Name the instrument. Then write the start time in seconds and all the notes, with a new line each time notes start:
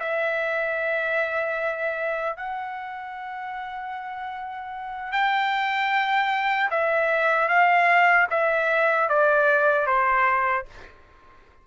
trumpet
0.00 E5
2.36 F#5
5.12 G5
6.71 E5
7.49 F5
8.30 E5
9.09 D5
9.87 C5